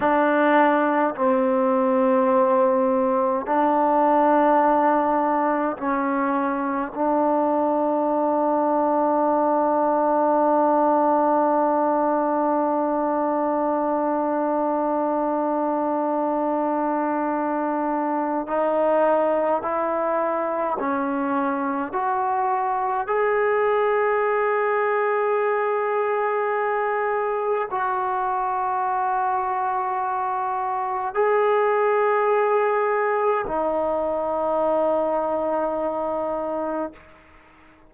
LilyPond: \new Staff \with { instrumentName = "trombone" } { \time 4/4 \tempo 4 = 52 d'4 c'2 d'4~ | d'4 cis'4 d'2~ | d'1~ | d'1 |
dis'4 e'4 cis'4 fis'4 | gis'1 | fis'2. gis'4~ | gis'4 dis'2. | }